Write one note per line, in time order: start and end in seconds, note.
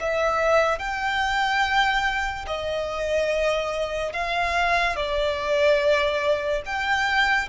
0.00 0.79 E5
0.79 2.45 G5
2.47 4.12 D#5
4.12 4.96 F5
4.96 6.62 D5
6.66 7.49 G5